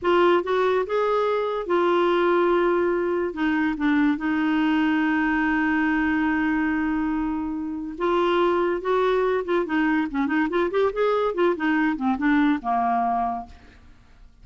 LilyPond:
\new Staff \with { instrumentName = "clarinet" } { \time 4/4 \tempo 4 = 143 f'4 fis'4 gis'2 | f'1 | dis'4 d'4 dis'2~ | dis'1~ |
dis'2. f'4~ | f'4 fis'4. f'8 dis'4 | cis'8 dis'8 f'8 g'8 gis'4 f'8 dis'8~ | dis'8 c'8 d'4 ais2 | }